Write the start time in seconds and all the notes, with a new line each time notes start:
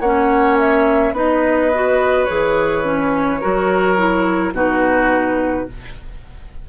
0.00 A#3 C#4 C#5 F#5
0.58 E5
1.12 B3 D#4 B4 D#5
1.74 F#4
2.25 E3 G#4 C#5
2.83 C#4
3.40 F#3 F#4 A#4
3.97 E4
4.52 B2 D#4 F#4 B4